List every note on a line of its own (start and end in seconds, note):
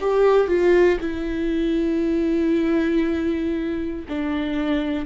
0.00 0.47 G4
0.47 0.98 F4
1.00 4.05 E4
4.08 5.05 D4